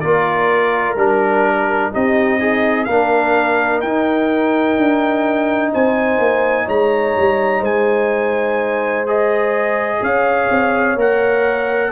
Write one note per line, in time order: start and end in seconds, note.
0.00 0.95 A#3
0.00 0.97 F4
0.00 1.91 A#4
0.00 0.95 D5
0.95 1.90 G3
0.95 1.92 D4
0.95 1.93 A#4
1.91 2.87 C4
1.91 2.39 D#4
1.91 2.38 G4
1.91 2.84 D#5
2.38 2.86 D#4
2.38 2.87 G#4
2.84 3.83 A#3
2.84 3.85 D4
2.84 5.71 A#4
2.84 3.79 F5
3.81 4.77 D#4
3.81 9.06 D#4
3.81 5.71 G5
4.77 5.72 D4
5.72 6.18 C4
5.72 6.65 C5
5.72 6.68 G#5
6.18 6.66 A#3
6.65 7.15 G#3
6.65 7.60 C#5
6.65 7.64 A#5
7.16 7.60 G3
7.60 9.98 G#3
7.60 9.98 C5
7.60 9.07 G#5
9.06 10.97 G#4
9.06 10.03 D#5
10.01 10.49 C#4
10.01 11.91 C#5
10.01 10.98 F5
10.50 10.95 C4
10.95 11.90 A#3
10.95 11.91 A#4
10.95 11.91 F#5